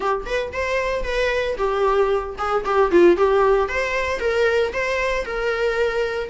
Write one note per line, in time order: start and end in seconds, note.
0.00 0.24 G4
0.25 0.51 B4
0.52 1.03 C5
1.03 1.56 B4
1.57 2.36 G4
2.38 2.64 G#4
2.64 2.91 G4
2.91 3.16 F4
3.16 3.68 G4
3.68 4.19 C5
4.19 4.72 A#4
4.72 5.25 C5
5.25 6.29 A#4